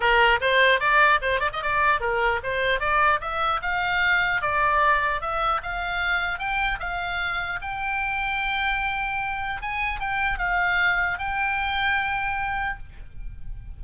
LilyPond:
\new Staff \with { instrumentName = "oboe" } { \time 4/4 \tempo 4 = 150 ais'4 c''4 d''4 c''8 d''16 dis''16 | d''4 ais'4 c''4 d''4 | e''4 f''2 d''4~ | d''4 e''4 f''2 |
g''4 f''2 g''4~ | g''1 | gis''4 g''4 f''2 | g''1 | }